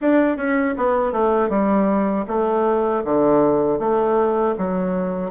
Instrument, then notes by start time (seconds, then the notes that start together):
bassoon
0.01 D4
0.36 C#4
0.77 B3
1.12 A3
1.49 G3
2.28 A3
3.04 D3
3.79 A3
4.57 F#3